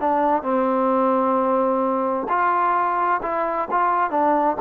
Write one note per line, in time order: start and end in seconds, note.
0.00 0.42 D4
0.42 2.27 C4
2.28 3.21 F4
3.22 3.68 E4
3.71 4.10 F4
4.10 4.56 D4